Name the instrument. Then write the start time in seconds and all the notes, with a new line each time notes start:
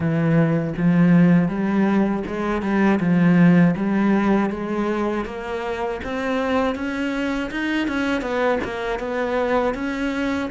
cello
0.00 E3
0.77 F3
1.48 G3
2.27 G#3
2.61 G3
3.00 F3
3.76 G3
4.50 G#3
5.25 A#3
6.04 C4
6.75 C#4
7.50 D#4
7.87 C#4
8.21 B3
8.64 A#3
8.99 B3
9.74 C#4